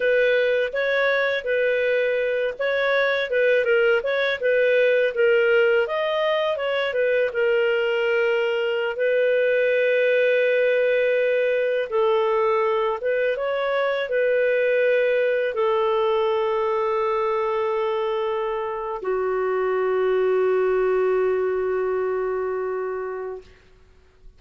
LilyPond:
\new Staff \with { instrumentName = "clarinet" } { \time 4/4 \tempo 4 = 82 b'4 cis''4 b'4. cis''8~ | cis''8 b'8 ais'8 cis''8 b'4 ais'4 | dis''4 cis''8 b'8 ais'2~ | ais'16 b'2.~ b'8.~ |
b'16 a'4. b'8 cis''4 b'8.~ | b'4~ b'16 a'2~ a'8.~ | a'2 fis'2~ | fis'1 | }